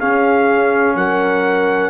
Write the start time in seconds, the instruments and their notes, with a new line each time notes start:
0.00 trombone C#4, tuba C#4, horn G#4, trumpet F5
0.95 tuba F#3, horn A#4, trumpet F#5